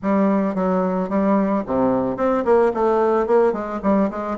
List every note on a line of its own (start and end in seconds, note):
0.02 0.54 G3
0.54 1.09 F#3
1.09 1.63 G3
1.66 2.16 C3
2.16 2.44 C4
2.44 2.71 A#3
2.73 3.27 A3
3.27 3.52 A#3
3.52 3.80 G#3
3.82 4.10 G3
4.10 4.37 G#3